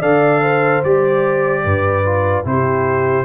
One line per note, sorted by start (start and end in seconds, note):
0.00 0.82 D3
0.00 0.83 A4
0.00 0.41 D5
0.00 0.83 F5
0.42 1.64 C5
0.84 1.65 G3
0.84 2.05 G4
0.84 2.46 D5
1.64 2.46 G2
1.64 2.45 B4
2.05 2.44 F4
2.44 3.25 C3
2.44 3.25 E4
2.44 3.25 G4
2.44 3.25 C5